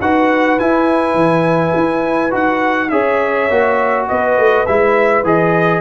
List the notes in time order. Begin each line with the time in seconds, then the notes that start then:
0.00 D#4 F#4 B4 F#5
0.59 E4 G#5
1.14 E3
1.75 E4
2.30 D#4 F#4 F#5
2.89 C#4 G#4 C#5 E5
3.50 A#3 F#4
4.08 B3 B4 D#5
4.37 A3
4.66 G#3 E4 E5
5.23 E3 G#4 D#5